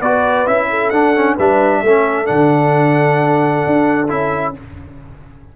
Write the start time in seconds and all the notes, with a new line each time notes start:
0.00 B3 F#4 B4 D5
0.47 C#4 E4 E5
0.70 A4
0.90 D4 F#5
1.16 C#4
1.36 G3 D4 B4 E5
1.83 A3 C#4 A4
2.26 D3 D4 F#5
3.67 D4
4.09 C#4 E4 E5